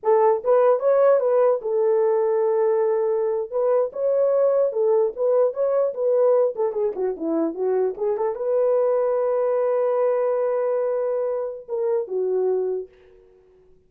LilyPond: \new Staff \with { instrumentName = "horn" } { \time 4/4 \tempo 4 = 149 a'4 b'4 cis''4 b'4 | a'1~ | a'8. b'4 cis''2 a'16~ | a'8. b'4 cis''4 b'4~ b'16~ |
b'16 a'8 gis'8 fis'8 e'4 fis'4 gis'16~ | gis'16 a'8 b'2.~ b'16~ | b'1~ | b'4 ais'4 fis'2 | }